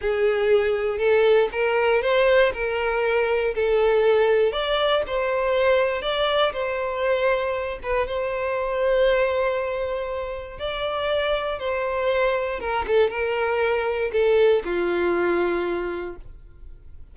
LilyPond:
\new Staff \with { instrumentName = "violin" } { \time 4/4 \tempo 4 = 119 gis'2 a'4 ais'4 | c''4 ais'2 a'4~ | a'4 d''4 c''2 | d''4 c''2~ c''8 b'8 |
c''1~ | c''4 d''2 c''4~ | c''4 ais'8 a'8 ais'2 | a'4 f'2. | }